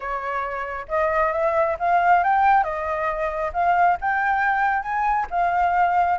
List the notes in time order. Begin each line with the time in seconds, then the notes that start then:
0.00 C#5
0.88 D#5
1.32 E5
1.79 F5
2.23 G5
2.63 D#5
3.53 F5
4.00 G5
4.82 G#5
5.30 F5